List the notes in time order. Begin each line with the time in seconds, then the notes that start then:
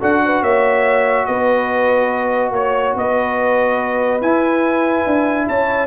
0.00 D4 F#4 A4 F#5
0.25 B4
0.42 A#3 C#5 E5
1.26 B3 B4 D#5
2.51 A#3 C#5
2.96 B3 B4 D#5
4.22 E4 G#5
5.07 D4
5.49 C#4 C#5 A5